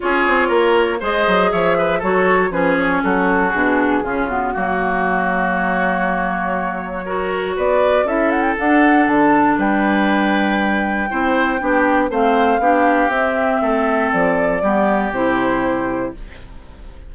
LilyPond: <<
  \new Staff \with { instrumentName = "flute" } { \time 4/4 \tempo 4 = 119 cis''2 dis''4 e''4 | cis''4 b'8 cis''8 a'4 gis'4~ | gis'8 fis'2~ fis'8 cis''4~ | cis''2. d''4 |
e''8 fis''16 g''16 fis''4 a''4 g''4~ | g''1 | f''2 e''2 | d''2 c''2 | }
  \new Staff \with { instrumentName = "oboe" } { \time 4/4 gis'4 ais'4 c''4 cis''8 b'8 | a'4 gis'4 fis'2 | f'4 fis'2.~ | fis'2 ais'4 b'4 |
a'2. b'4~ | b'2 c''4 g'4 | c''4 g'2 a'4~ | a'4 g'2. | }
  \new Staff \with { instrumentName = "clarinet" } { \time 4/4 f'2 gis'2 | fis'4 cis'2 d'4 | cis'8 b8 ais2.~ | ais2 fis'2 |
e'4 d'2.~ | d'2 e'4 d'4 | c'4 d'4 c'2~ | c'4 b4 e'2 | }
  \new Staff \with { instrumentName = "bassoon" } { \time 4/4 cis'8 c'8 ais4 gis8 fis8 f4 | fis4 f4 fis4 b,4 | cis4 fis2.~ | fis2. b4 |
cis'4 d'4 d4 g4~ | g2 c'4 b4 | a4 b4 c'4 a4 | f4 g4 c2 | }
>>